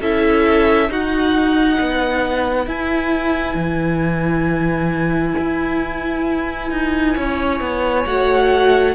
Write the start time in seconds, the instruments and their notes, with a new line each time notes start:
0.00 cello C#4, viola E4, violin A4 E5
0.89 cello D#4, viola D#4, violin F#4 F#5
1.79 cello B3, violin B4
2.66 cello E4, viola E4, violin G#5
3.54 cello E3
5.38 cello E4
6.71 cello D#4
7.15 cello C#4, violin C#5
7.60 cello B3
8.06 cello A3, viola F#4, violin F#5